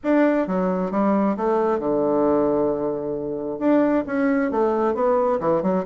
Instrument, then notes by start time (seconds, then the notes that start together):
bassoon
0.03 D4
0.47 F#3
0.91 G3
1.37 A3
1.79 D3
3.59 D4
4.06 C#4
4.51 A3
4.94 B3
5.40 E3
5.62 F#3